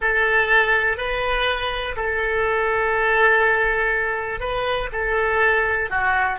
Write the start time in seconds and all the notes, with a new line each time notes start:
0.00 A4
0.97 B4
1.96 A4
4.39 B4
4.92 A4
5.90 F#4